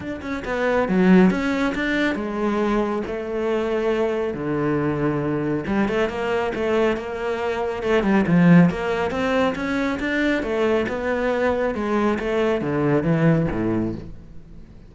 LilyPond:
\new Staff \with { instrumentName = "cello" } { \time 4/4 \tempo 4 = 138 d'8 cis'8 b4 fis4 cis'4 | d'4 gis2 a4~ | a2 d2~ | d4 g8 a8 ais4 a4 |
ais2 a8 g8 f4 | ais4 c'4 cis'4 d'4 | a4 b2 gis4 | a4 d4 e4 a,4 | }